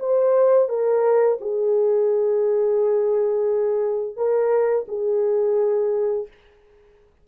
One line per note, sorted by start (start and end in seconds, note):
0.00 0.69 C5
0.69 1.39 A#4
1.41 4.16 G#4
4.16 4.86 A#4
4.88 6.28 G#4